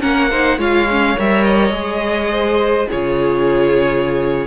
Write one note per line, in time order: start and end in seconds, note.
0.00 0.57 A#3
0.00 0.29 C#4
0.00 0.29 A#4
0.00 0.58 F#5
0.30 0.58 D#4
0.30 0.58 C5
0.57 1.15 G#3
0.57 0.87 F4
0.57 2.31 C#5
0.57 1.18 F5
0.90 1.16 C#4
1.16 1.70 G3
1.16 1.72 A#4
1.16 1.43 E5
1.43 2.88 D#5
1.70 2.85 G#3
1.70 2.87 G#4
2.31 2.88 C5
2.88 4.47 C#3
2.88 4.47 F4
2.88 4.47 G#4
2.88 4.47 C#5